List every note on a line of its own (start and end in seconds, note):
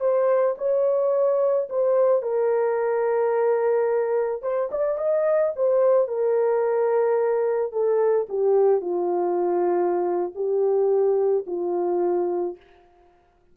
0.00 0.55 C5
0.58 1.68 C#5
1.69 2.22 C5
2.22 4.42 A#4
4.42 4.70 C5
4.71 4.98 D5
4.98 5.53 D#5
5.55 6.07 C5
6.07 7.72 A#4
7.72 8.27 A4
8.29 8.81 G4
8.81 10.32 F4
10.35 11.45 G4
11.46 12.56 F4